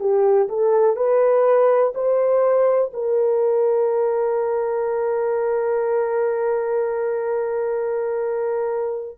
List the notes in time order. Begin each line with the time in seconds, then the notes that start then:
0.00 G4
0.49 A4
0.96 B4
1.95 C5
2.94 A#4